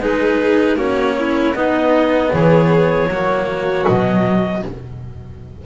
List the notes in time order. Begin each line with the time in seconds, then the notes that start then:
0.00 G#3 D#4 G#4 B4
0.76 A#3 C#4 F#4 C#5
1.19 E4
1.54 B3 D#4 D#5
2.32 E3 G#4 C#5
3.08 F#3 A#3 F#4
3.86 B2 F#3 D#5